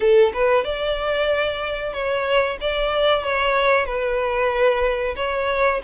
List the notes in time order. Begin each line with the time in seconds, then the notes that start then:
0.00 A4
0.33 B4
0.64 D5
1.93 C#5
2.60 D5
3.23 C#5
3.85 B4
5.16 C#5